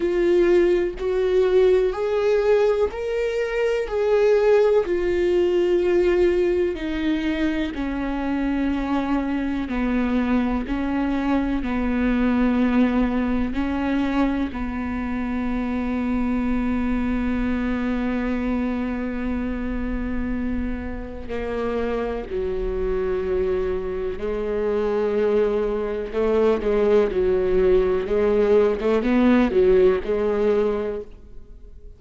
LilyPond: \new Staff \with { instrumentName = "viola" } { \time 4/4 \tempo 4 = 62 f'4 fis'4 gis'4 ais'4 | gis'4 f'2 dis'4 | cis'2 b4 cis'4 | b2 cis'4 b4~ |
b1~ | b2 ais4 fis4~ | fis4 gis2 a8 gis8 | fis4 gis8. a16 b8 fis8 gis4 | }